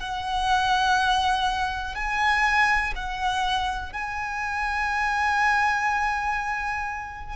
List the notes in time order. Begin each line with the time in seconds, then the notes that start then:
0.00 F#5
1.95 G#5
2.96 F#5
3.93 G#5